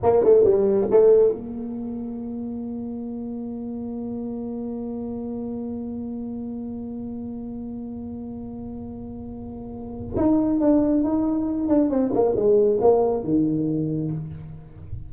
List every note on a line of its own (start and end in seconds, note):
0.02 0.24 A#3
0.24 0.44 A3
0.44 0.88 G3
0.90 1.32 A3
1.32 10.15 A#3
10.16 10.60 D#4
10.60 11.03 D4
11.03 11.68 D#4
11.68 11.89 D4
11.89 12.11 C4
12.13 12.35 A#3
12.35 12.80 G#3
12.81 13.23 A#3
13.23 14.11 D#3